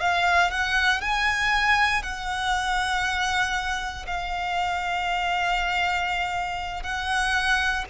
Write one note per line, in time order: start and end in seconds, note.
0.00 0.50 F5
0.50 1.01 F#5
1.01 2.02 G#5
2.02 4.06 F#5
4.06 6.83 F5
6.83 7.84 F#5